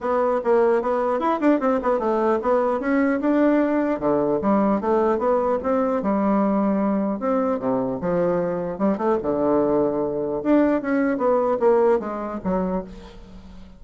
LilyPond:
\new Staff \with { instrumentName = "bassoon" } { \time 4/4 \tempo 4 = 150 b4 ais4 b4 e'8 d'8 | c'8 b8 a4 b4 cis'4 | d'2 d4 g4 | a4 b4 c'4 g4~ |
g2 c'4 c4 | f2 g8 a8 d4~ | d2 d'4 cis'4 | b4 ais4 gis4 fis4 | }